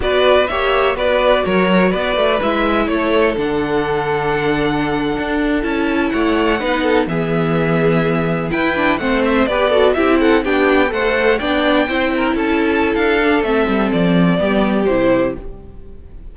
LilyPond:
<<
  \new Staff \with { instrumentName = "violin" } { \time 4/4 \tempo 4 = 125 d''4 e''4 d''4 cis''4 | d''4 e''4 cis''4 fis''4~ | fis''2.~ fis''8. a''16~ | a''8. fis''2 e''4~ e''16~ |
e''4.~ e''16 g''4 fis''8 e''8 d''16~ | d''8. e''8 fis''8 g''4 fis''4 g''16~ | g''4.~ g''16 a''4~ a''16 f''4 | e''4 d''2 c''4 | }
  \new Staff \with { instrumentName = "violin" } { \time 4/4 b'4 cis''4 b'4 ais'4 | b'2 a'2~ | a'1~ | a'8. cis''4 b'8 a'8 gis'4~ gis'16~ |
gis'4.~ gis'16 b'4 c''4 b'16~ | b'16 a'8 g'8 a'8 g'4 c''4 d''16~ | d''8. c''8 ais'8 a'2~ a'16~ | a'2 g'2 | }
  \new Staff \with { instrumentName = "viola" } { \time 4/4 fis'4 g'4 fis'2~ | fis'4 e'2 d'4~ | d'2.~ d'8. e'16~ | e'4.~ e'16 dis'4 b4~ b16~ |
b4.~ b16 e'8 d'8 c'4 g'16~ | g'16 fis'8 e'4 d'4 a'4 d'16~ | d'8. e'2~ e'8. d'8 | c'2 b4 e'4 | }
  \new Staff \with { instrumentName = "cello" } { \time 4/4 b4 ais4 b4 fis4 | b8 a8 gis4 a4 d4~ | d2~ d8. d'4 cis'16~ | cis'8. a4 b4 e4~ e16~ |
e4.~ e16 e'4 a4 b16~ | b8. c'4 b4 a4 b16~ | b8. c'4 cis'4~ cis'16 d'4 | a8 g8 f4 g4 c4 | }
>>